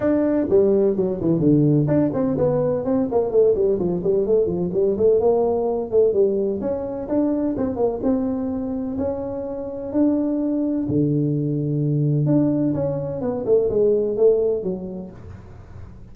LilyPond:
\new Staff \with { instrumentName = "tuba" } { \time 4/4 \tempo 4 = 127 d'4 g4 fis8 e8 d4 | d'8 c'8 b4 c'8 ais8 a8 g8 | f8 g8 a8 f8 g8 a8 ais4~ | ais8 a8 g4 cis'4 d'4 |
c'8 ais8 c'2 cis'4~ | cis'4 d'2 d4~ | d2 d'4 cis'4 | b8 a8 gis4 a4 fis4 | }